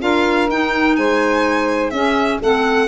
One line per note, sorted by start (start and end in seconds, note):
0.00 0.49 D4
0.00 0.48 F4
0.00 0.98 A#4
0.00 0.49 F5
0.49 0.97 D#4
0.49 1.93 D#4
0.49 0.96 G5
0.96 1.91 G#3
0.96 1.93 C5
0.96 1.90 G#5
1.90 2.39 C#4
1.90 2.41 C#4
1.90 2.40 G#4
1.90 2.38 E5
2.40 2.87 A3
2.40 2.87 C4
2.40 2.87 A4
2.40 2.87 F#5